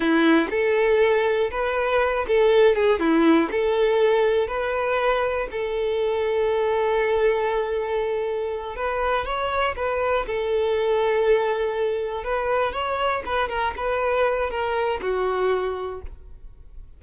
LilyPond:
\new Staff \with { instrumentName = "violin" } { \time 4/4 \tempo 4 = 120 e'4 a'2 b'4~ | b'8 a'4 gis'8 e'4 a'4~ | a'4 b'2 a'4~ | a'1~ |
a'4. b'4 cis''4 b'8~ | b'8 a'2.~ a'8~ | a'8 b'4 cis''4 b'8 ais'8 b'8~ | b'4 ais'4 fis'2 | }